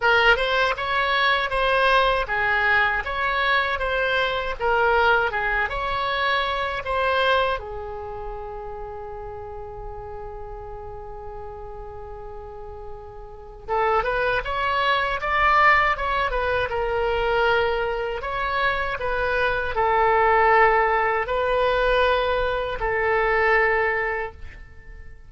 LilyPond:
\new Staff \with { instrumentName = "oboe" } { \time 4/4 \tempo 4 = 79 ais'8 c''8 cis''4 c''4 gis'4 | cis''4 c''4 ais'4 gis'8 cis''8~ | cis''4 c''4 gis'2~ | gis'1~ |
gis'2 a'8 b'8 cis''4 | d''4 cis''8 b'8 ais'2 | cis''4 b'4 a'2 | b'2 a'2 | }